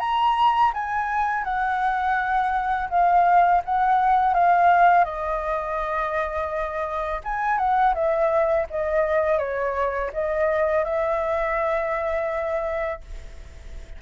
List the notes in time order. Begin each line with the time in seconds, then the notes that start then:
0.00 A#5
0.74 G#5
1.45 F#5
2.90 F5
3.65 F#5
4.35 F5
5.05 D#5
7.25 G#5
7.58 F#5
7.95 E5
8.71 D#5
9.39 C#5
10.14 D#5
10.85 E5